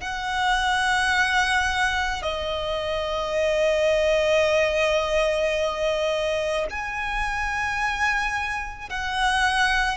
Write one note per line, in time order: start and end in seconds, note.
0.00 2.22 F#5
2.22 6.67 D#5
6.70 8.89 G#5
8.89 9.97 F#5